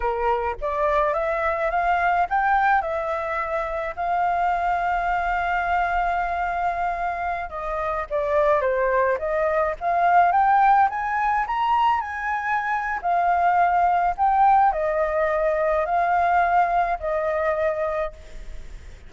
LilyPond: \new Staff \with { instrumentName = "flute" } { \time 4/4 \tempo 4 = 106 ais'4 d''4 e''4 f''4 | g''4 e''2 f''4~ | f''1~ | f''4~ f''16 dis''4 d''4 c''8.~ |
c''16 dis''4 f''4 g''4 gis''8.~ | gis''16 ais''4 gis''4.~ gis''16 f''4~ | f''4 g''4 dis''2 | f''2 dis''2 | }